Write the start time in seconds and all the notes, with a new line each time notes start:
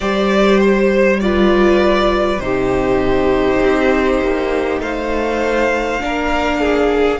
0.00 G3 G4 C5 D5
0.60 C5
1.20 F4 B4 D5
2.38 C3 D#4 G4 C5
3.62 C4
4.21 A#3
4.79 A3 C5 F5
5.99 A#3 D4 A#4
6.59 G#4